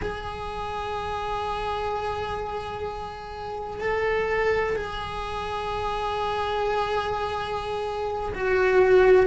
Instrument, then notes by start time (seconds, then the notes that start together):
cello
0.01 G#4
3.81 A4
4.76 G#4
8.34 F#4